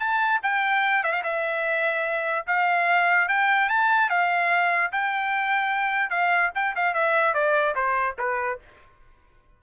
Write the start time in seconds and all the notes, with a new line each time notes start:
0.00 A5
0.43 G5
1.04 E5
1.13 F5
1.23 E5
2.47 F5
3.29 G5
3.70 A5
4.10 F5
4.92 G5
6.10 F5
6.55 G5
6.76 F5
6.94 E5
7.34 D5
7.76 C5
8.19 B4